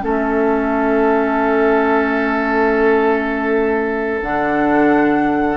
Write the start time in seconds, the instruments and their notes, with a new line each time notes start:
0.00 bassoon A3, clarinet C#4, oboe A4, flute E5
4.22 bassoon D3, clarinet D4, flute F#5